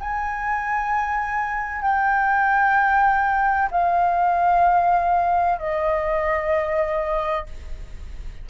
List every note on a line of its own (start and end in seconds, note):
0.00 1.82 G#5
1.82 3.69 G5
3.71 5.58 F5
5.58 7.46 D#5